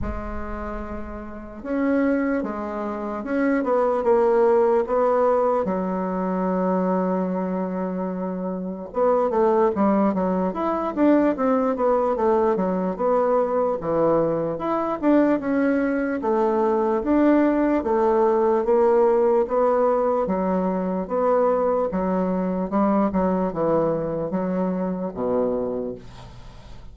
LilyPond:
\new Staff \with { instrumentName = "bassoon" } { \time 4/4 \tempo 4 = 74 gis2 cis'4 gis4 | cis'8 b8 ais4 b4 fis4~ | fis2. b8 a8 | g8 fis8 e'8 d'8 c'8 b8 a8 fis8 |
b4 e4 e'8 d'8 cis'4 | a4 d'4 a4 ais4 | b4 fis4 b4 fis4 | g8 fis8 e4 fis4 b,4 | }